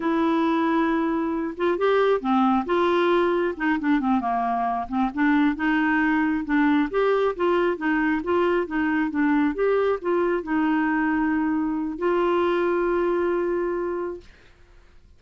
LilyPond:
\new Staff \with { instrumentName = "clarinet" } { \time 4/4 \tempo 4 = 135 e'2.~ e'8 f'8 | g'4 c'4 f'2 | dis'8 d'8 c'8 ais4. c'8 d'8~ | d'8 dis'2 d'4 g'8~ |
g'8 f'4 dis'4 f'4 dis'8~ | dis'8 d'4 g'4 f'4 dis'8~ | dis'2. f'4~ | f'1 | }